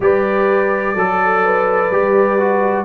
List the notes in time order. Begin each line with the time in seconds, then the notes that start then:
0.00 G3 G4 B4 D5
0.94 F#3 A4
1.44 B4
1.90 G3 G4
2.39 F#4